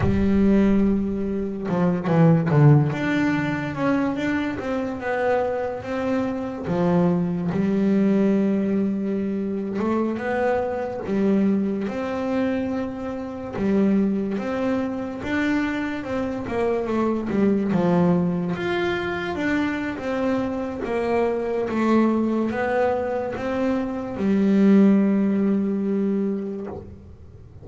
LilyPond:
\new Staff \with { instrumentName = "double bass" } { \time 4/4 \tempo 4 = 72 g2 f8 e8 d8 d'8~ | d'8 cis'8 d'8 c'8 b4 c'4 | f4 g2~ g8. a16~ | a16 b4 g4 c'4.~ c'16~ |
c'16 g4 c'4 d'4 c'8 ais16~ | ais16 a8 g8 f4 f'4 d'8. | c'4 ais4 a4 b4 | c'4 g2. | }